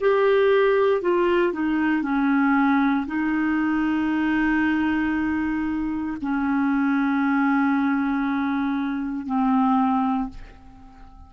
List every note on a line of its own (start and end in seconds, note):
0.00 1.02 G4
1.02 1.53 F4
1.53 2.02 D#4
2.02 3.06 C#4
3.07 6.17 D#4
6.22 9.26 C#4
9.26 10.29 C4